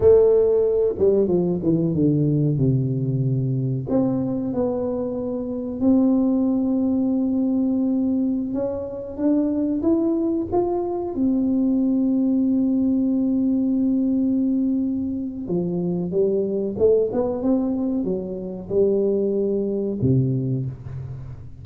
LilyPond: \new Staff \with { instrumentName = "tuba" } { \time 4/4 \tempo 4 = 93 a4. g8 f8 e8 d4 | c2 c'4 b4~ | b4 c'2.~ | c'4~ c'16 cis'4 d'4 e'8.~ |
e'16 f'4 c'2~ c'8.~ | c'1 | f4 g4 a8 b8 c'4 | fis4 g2 c4 | }